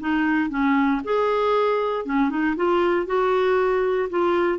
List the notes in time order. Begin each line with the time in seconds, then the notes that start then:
0.00 D#4
0.50 C#4
1.04 G#4
2.05 C#4
2.30 D#4
2.56 F4
3.06 F#4
4.10 F4